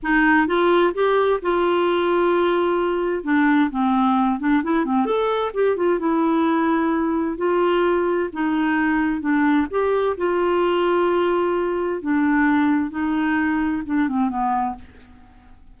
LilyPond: \new Staff \with { instrumentName = "clarinet" } { \time 4/4 \tempo 4 = 130 dis'4 f'4 g'4 f'4~ | f'2. d'4 | c'4. d'8 e'8 c'8 a'4 | g'8 f'8 e'2. |
f'2 dis'2 | d'4 g'4 f'2~ | f'2 d'2 | dis'2 d'8 c'8 b4 | }